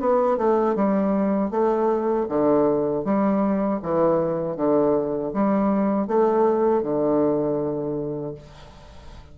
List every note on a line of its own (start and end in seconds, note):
0.00 0.37 B3
0.37 0.75 A3
0.76 1.51 G3
1.51 2.26 A3
2.29 3.04 D3
3.04 3.80 G3
3.82 4.56 E3
4.56 5.32 D3
5.33 6.07 G3
6.07 6.83 A3
6.83 8.35 D3